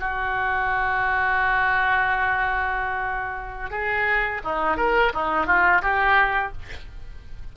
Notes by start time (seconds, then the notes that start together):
0.00 F#4
3.71 G#4
4.44 D#4
4.77 A#4
5.14 D#4
5.47 F4
5.82 G4